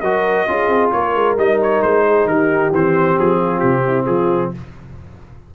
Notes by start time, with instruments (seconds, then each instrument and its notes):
0.00 tuba F#3, trombone F#4, horn A#4, trumpet D#5
0.48 tuba C#4, trombone F4, horn G#4
0.68 tuba C4
0.91 tuba A#3, horn A#4, trumpet C#5
1.14 tuba G#3
1.37 tuba G3, trombone D#4, trumpet D#5
1.62 trumpet C#5
1.82 tuba G#3, trumpet C5
2.07 horn G#4
2.25 tuba D#3, horn G4, trumpet A#4
2.71 tuba E3, trombone C4, trumpet C5
3.19 tuba F3, trumpet G#4
3.39 horn F4
3.59 tuba C3, trumpet G4
3.86 horn E4
4.06 tuba F3, horn F4, trumpet G#4